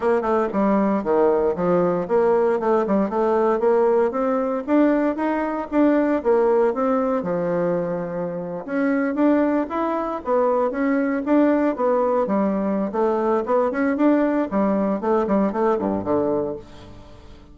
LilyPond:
\new Staff \with { instrumentName = "bassoon" } { \time 4/4 \tempo 4 = 116 ais8 a8 g4 dis4 f4 | ais4 a8 g8 a4 ais4 | c'4 d'4 dis'4 d'4 | ais4 c'4 f2~ |
f8. cis'4 d'4 e'4 b16~ | b8. cis'4 d'4 b4 g16~ | g4 a4 b8 cis'8 d'4 | g4 a8 g8 a8 g,8 d4 | }